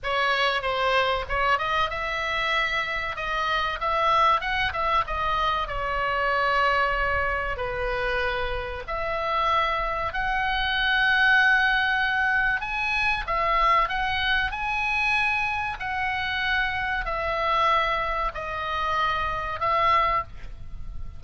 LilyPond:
\new Staff \with { instrumentName = "oboe" } { \time 4/4 \tempo 4 = 95 cis''4 c''4 cis''8 dis''8 e''4~ | e''4 dis''4 e''4 fis''8 e''8 | dis''4 cis''2. | b'2 e''2 |
fis''1 | gis''4 e''4 fis''4 gis''4~ | gis''4 fis''2 e''4~ | e''4 dis''2 e''4 | }